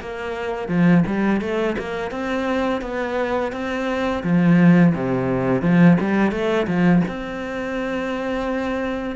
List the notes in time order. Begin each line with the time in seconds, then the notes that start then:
0.00 A#3
0.68 F3
1.07 G3
1.41 A3
1.78 A#3
2.11 C4
2.81 B3
3.52 C4
4.24 F3
4.94 C3
5.61 F3
6.01 G3
6.31 A3
6.67 F3
7.08 C4